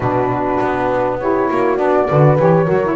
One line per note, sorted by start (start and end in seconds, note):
0.00 0.58 B2
0.00 1.19 D4
0.00 1.19 F#4
0.00 1.18 B4
0.60 1.49 B3
1.19 1.76 E4
1.19 1.49 G4
1.19 1.77 C#5
1.49 1.79 A#3
1.49 2.07 F#4
1.76 2.08 B3
1.76 2.06 D4
1.76 2.36 D5
2.07 2.38 D3
2.07 2.38 F#4
2.07 2.65 B4
2.38 2.68 E3
2.38 2.65 G4
2.38 2.96 C#5
2.65 2.96 F#3
2.65 2.80 F#4
2.65 2.95 A#4
2.83 2.96 E4